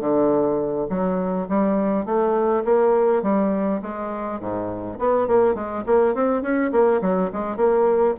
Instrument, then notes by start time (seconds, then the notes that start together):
bassoon
0.00 D3
0.89 F#3
1.48 G3
2.05 A3
2.64 A#3
3.23 G3
3.82 G#3
4.40 G#2
4.99 B3
5.27 A#3
5.54 G#3
5.86 A#3
6.15 C4
6.42 C#4
6.72 A#3
7.01 F#3
7.33 G#3
7.56 A#3